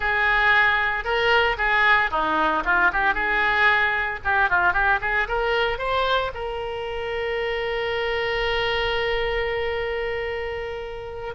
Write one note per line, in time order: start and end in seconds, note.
0.00 1.04 G#4
1.04 1.56 A#4
1.57 2.10 G#4
2.11 2.63 D#4
2.65 2.91 F4
2.92 3.14 G4
3.14 4.19 G#4
4.24 4.49 G4
4.49 4.73 F4
4.73 4.99 G4
5.01 5.27 G#4
5.28 5.78 A#4
5.78 6.31 C5
6.34 11.34 A#4